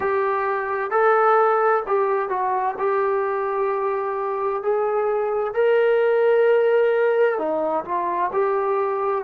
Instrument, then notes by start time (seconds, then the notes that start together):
trombone
0.00 G4
0.91 A4
1.86 G4
2.29 F#4
2.78 G4
4.62 G#4
5.53 A#4
7.38 D#4
7.85 F4
8.32 G4